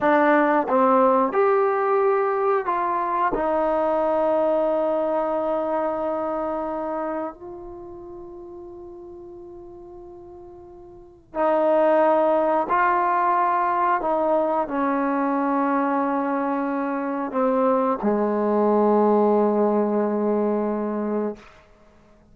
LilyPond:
\new Staff \with { instrumentName = "trombone" } { \time 4/4 \tempo 4 = 90 d'4 c'4 g'2 | f'4 dis'2.~ | dis'2. f'4~ | f'1~ |
f'4 dis'2 f'4~ | f'4 dis'4 cis'2~ | cis'2 c'4 gis4~ | gis1 | }